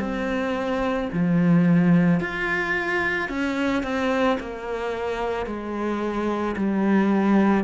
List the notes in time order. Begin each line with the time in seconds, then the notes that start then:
0.00 C4
1.13 F3
2.21 F4
3.29 C#4
3.83 C4
4.40 A#3
5.46 G#3
6.57 G3